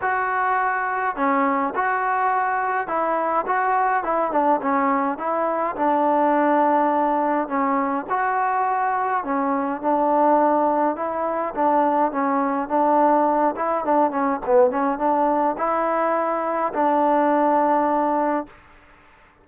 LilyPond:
\new Staff \with { instrumentName = "trombone" } { \time 4/4 \tempo 4 = 104 fis'2 cis'4 fis'4~ | fis'4 e'4 fis'4 e'8 d'8 | cis'4 e'4 d'2~ | d'4 cis'4 fis'2 |
cis'4 d'2 e'4 | d'4 cis'4 d'4. e'8 | d'8 cis'8 b8 cis'8 d'4 e'4~ | e'4 d'2. | }